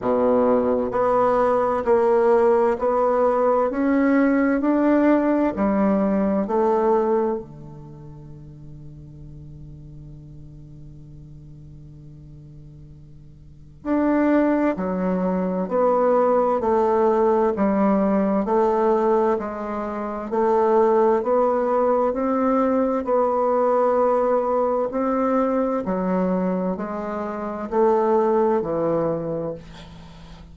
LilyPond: \new Staff \with { instrumentName = "bassoon" } { \time 4/4 \tempo 4 = 65 b,4 b4 ais4 b4 | cis'4 d'4 g4 a4 | d1~ | d2. d'4 |
fis4 b4 a4 g4 | a4 gis4 a4 b4 | c'4 b2 c'4 | fis4 gis4 a4 e4 | }